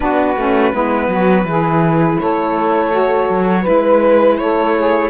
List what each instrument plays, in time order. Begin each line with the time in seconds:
0.00 cello B3, saxophone D4 F#4, violin B4
0.36 cello A3, saxophone C#4
0.73 cello G#3, saxophone B3 E4
1.07 cello F#3, saxophone F#4
1.44 cello E3, saxophone E4 G#4
2.20 cello A3, saxophone A4, violin C#5
2.91 saxophone F#4
3.29 cello F#3
3.61 saxophone E4 B4, violin B4
3.68 cello G#3
4.37 cello A3, saxophone A4, violin C#5
4.76 saxophone G#4